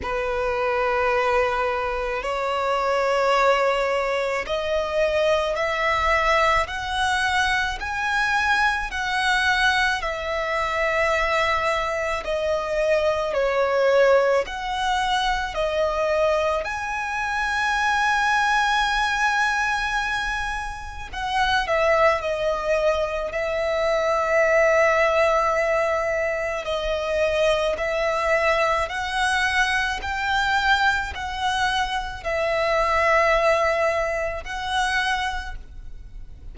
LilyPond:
\new Staff \with { instrumentName = "violin" } { \time 4/4 \tempo 4 = 54 b'2 cis''2 | dis''4 e''4 fis''4 gis''4 | fis''4 e''2 dis''4 | cis''4 fis''4 dis''4 gis''4~ |
gis''2. fis''8 e''8 | dis''4 e''2. | dis''4 e''4 fis''4 g''4 | fis''4 e''2 fis''4 | }